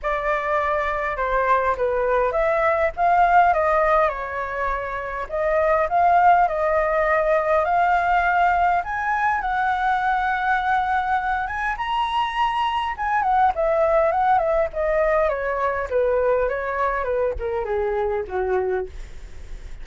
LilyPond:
\new Staff \with { instrumentName = "flute" } { \time 4/4 \tempo 4 = 102 d''2 c''4 b'4 | e''4 f''4 dis''4 cis''4~ | cis''4 dis''4 f''4 dis''4~ | dis''4 f''2 gis''4 |
fis''2.~ fis''8 gis''8 | ais''2 gis''8 fis''8 e''4 | fis''8 e''8 dis''4 cis''4 b'4 | cis''4 b'8 ais'8 gis'4 fis'4 | }